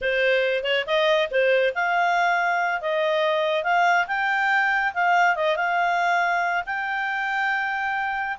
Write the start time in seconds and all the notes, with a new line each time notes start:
0.01 C5
0.63 C#5
0.86 D#5
1.30 C5
1.74 F5
2.81 D#5
3.63 F5
4.07 G5
4.94 F5
5.35 D#5
5.56 F5
6.66 G5